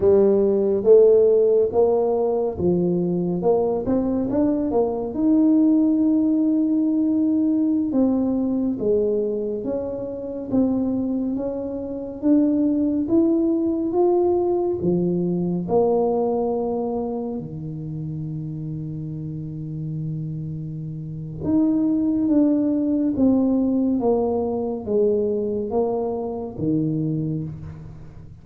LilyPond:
\new Staff \with { instrumentName = "tuba" } { \time 4/4 \tempo 4 = 70 g4 a4 ais4 f4 | ais8 c'8 d'8 ais8 dis'2~ | dis'4~ dis'16 c'4 gis4 cis'8.~ | cis'16 c'4 cis'4 d'4 e'8.~ |
e'16 f'4 f4 ais4.~ ais16~ | ais16 dis2.~ dis8.~ | dis4 dis'4 d'4 c'4 | ais4 gis4 ais4 dis4 | }